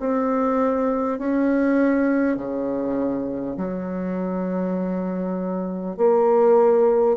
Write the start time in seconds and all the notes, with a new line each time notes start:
0.00 C4
1.18 C#4
2.36 C#3
3.57 F#3
5.97 A#3